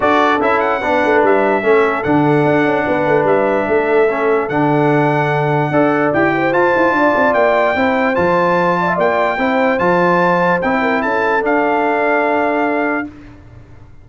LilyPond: <<
  \new Staff \with { instrumentName = "trumpet" } { \time 4/4 \tempo 4 = 147 d''4 e''8 fis''4. e''4~ | e''4 fis''2. | e''2. fis''4~ | fis''2. g''4 |
a''2 g''2 | a''2 g''2 | a''2 g''4 a''4 | f''1 | }
  \new Staff \with { instrumentName = "horn" } { \time 4/4 a'2 b'2 | a'2. b'4~ | b'4 a'2.~ | a'2 d''4. c''8~ |
c''4 d''2 c''4~ | c''4. d''16 e''16 d''4 c''4~ | c''2~ c''8 ais'8 a'4~ | a'1 | }
  \new Staff \with { instrumentName = "trombone" } { \time 4/4 fis'4 e'4 d'2 | cis'4 d'2.~ | d'2 cis'4 d'4~ | d'2 a'4 g'4 |
f'2. e'4 | f'2. e'4 | f'2 e'2 | d'1 | }
  \new Staff \with { instrumentName = "tuba" } { \time 4/4 d'4 cis'4 b8 a8 g4 | a4 d4 d'8 cis'8 b8 a8 | g4 a2 d4~ | d2 d'4 e'4 |
f'8 e'8 d'8 c'8 ais4 c'4 | f2 ais4 c'4 | f2 c'4 cis'4 | d'1 | }
>>